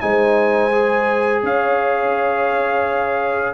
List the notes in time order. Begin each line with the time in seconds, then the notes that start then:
0.00 G#3 D#4 C5 G#5
0.72 G#4
1.42 C#4 C#5 F5